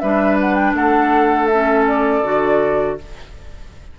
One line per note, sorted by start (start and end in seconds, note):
0.00 0.73 G3
0.00 1.51 D4
0.00 0.76 B4
0.00 0.37 E5
0.40 0.54 F#5
0.54 0.73 G5
0.73 2.21 A3
0.73 2.98 A4
0.73 1.46 F#5
1.46 1.83 E5
1.53 2.23 C#4
1.87 2.98 D5
2.23 2.97 D3
2.23 2.98 F#4